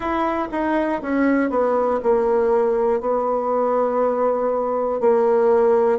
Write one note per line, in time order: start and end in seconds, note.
0.00 0.48 E4
0.51 1.01 D#4
1.01 1.50 C#4
1.50 2.00 B3
2.03 3.00 A#3
3.00 5.00 B3
5.00 5.98 A#3